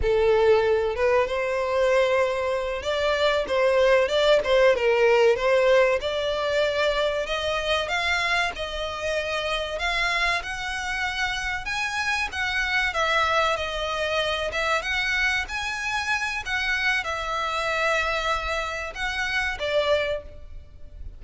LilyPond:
\new Staff \with { instrumentName = "violin" } { \time 4/4 \tempo 4 = 95 a'4. b'8 c''2~ | c''8 d''4 c''4 d''8 c''8 ais'8~ | ais'8 c''4 d''2 dis''8~ | dis''8 f''4 dis''2 f''8~ |
f''8 fis''2 gis''4 fis''8~ | fis''8 e''4 dis''4. e''8 fis''8~ | fis''8 gis''4. fis''4 e''4~ | e''2 fis''4 d''4 | }